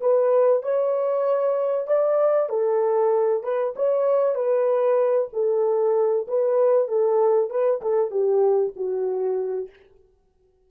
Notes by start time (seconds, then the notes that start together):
0.00 B4
0.62 C#5
1.87 D5
2.49 A4
3.43 B4
3.76 C#5
4.34 B4
5.33 A4
6.28 B4
6.88 A4
7.50 B4
7.81 A4
8.11 G4
8.76 F#4